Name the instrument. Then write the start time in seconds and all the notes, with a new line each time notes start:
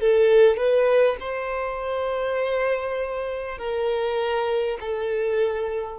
violin
0.00 A4
0.57 B4
1.20 C5
3.58 A#4
4.80 A4